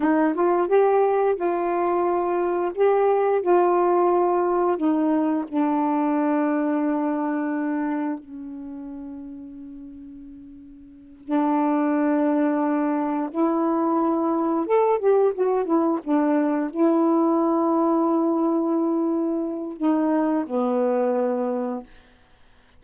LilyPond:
\new Staff \with { instrumentName = "saxophone" } { \time 4/4 \tempo 4 = 88 dis'8 f'8 g'4 f'2 | g'4 f'2 dis'4 | d'1 | cis'1~ |
cis'8 d'2. e'8~ | e'4. a'8 g'8 fis'8 e'8 d'8~ | d'8 e'2.~ e'8~ | e'4 dis'4 b2 | }